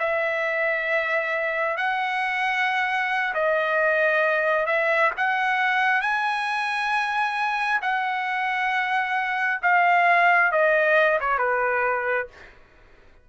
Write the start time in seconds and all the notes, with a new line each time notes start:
0.00 E5
1.77 F#5
3.35 D#5
4.66 E5
5.17 F#5
6.02 G#5
7.82 F#5
9.62 F5
10.52 D#5
11.20 C#5
11.39 B4